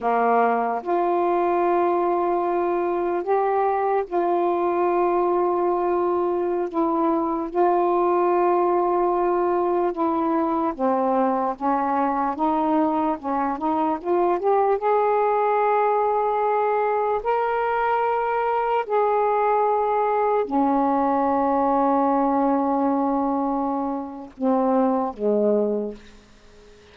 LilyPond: \new Staff \with { instrumentName = "saxophone" } { \time 4/4 \tempo 4 = 74 ais4 f'2. | g'4 f'2.~ | f'16 e'4 f'2~ f'8.~ | f'16 e'4 c'4 cis'4 dis'8.~ |
dis'16 cis'8 dis'8 f'8 g'8 gis'4.~ gis'16~ | gis'4~ gis'16 ais'2 gis'8.~ | gis'4~ gis'16 cis'2~ cis'8.~ | cis'2 c'4 gis4 | }